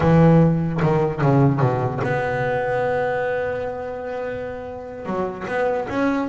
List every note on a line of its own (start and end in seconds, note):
0.00 0.80 E3
0.82 1.21 D#3
1.21 1.60 C#3
1.60 2.01 B2
2.03 5.06 B3
5.06 5.46 F#3
5.47 5.88 B3
5.89 6.28 C#4